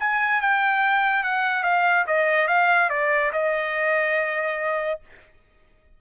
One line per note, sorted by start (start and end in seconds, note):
0.00 0.42 G#5
0.42 1.24 G5
1.24 1.64 F#5
1.64 2.06 F5
2.07 2.48 D#5
2.48 2.90 F5
2.90 3.32 D5
3.33 5.01 D#5